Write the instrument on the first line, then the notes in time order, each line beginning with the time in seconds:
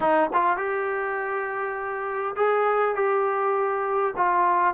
trombone
0.00 D#4
0.33 F4
0.56 G4
2.36 G#4
2.95 G4
4.16 F4